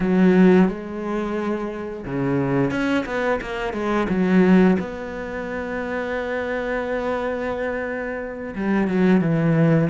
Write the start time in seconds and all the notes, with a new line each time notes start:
0.00 F#3
0.68 G#3
2.05 C#3
2.70 C#4
3.05 B3
3.41 A#3
3.73 G#3
4.09 F#3
4.79 B3
8.55 G3
8.87 F#3
9.20 E3